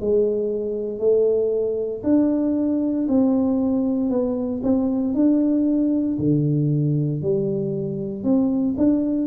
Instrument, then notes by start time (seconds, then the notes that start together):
tuba
0.00 G#3
0.98 A3
2.03 D4
3.08 C4
4.10 B3
4.63 C4
5.14 D4
6.18 D3
7.21 G3
8.23 C4
8.77 D4